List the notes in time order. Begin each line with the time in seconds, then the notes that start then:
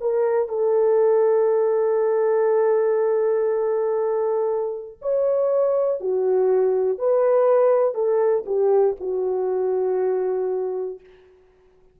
0.00 A#4
0.48 A4
5.01 C#5
6.00 F#4
6.98 B4
7.94 A4
8.46 G4
9.00 F#4